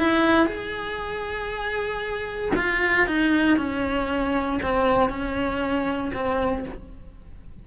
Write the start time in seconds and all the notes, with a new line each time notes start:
0.00 E4
0.47 G#4
2.56 F4
3.07 D#4
3.57 C#4
4.62 C4
5.10 C#4
6.14 C4